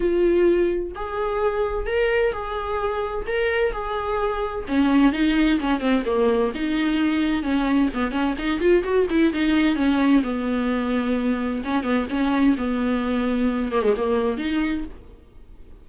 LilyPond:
\new Staff \with { instrumentName = "viola" } { \time 4/4 \tempo 4 = 129 f'2 gis'2 | ais'4 gis'2 ais'4 | gis'2 cis'4 dis'4 | cis'8 c'8 ais4 dis'2 |
cis'4 b8 cis'8 dis'8 f'8 fis'8 e'8 | dis'4 cis'4 b2~ | b4 cis'8 b8 cis'4 b4~ | b4. ais16 gis16 ais4 dis'4 | }